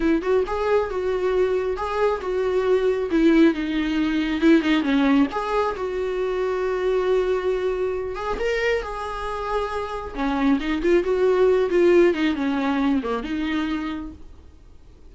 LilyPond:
\new Staff \with { instrumentName = "viola" } { \time 4/4 \tempo 4 = 136 e'8 fis'8 gis'4 fis'2 | gis'4 fis'2 e'4 | dis'2 e'8 dis'8 cis'4 | gis'4 fis'2.~ |
fis'2~ fis'8 gis'8 ais'4 | gis'2. cis'4 | dis'8 f'8 fis'4. f'4 dis'8 | cis'4. ais8 dis'2 | }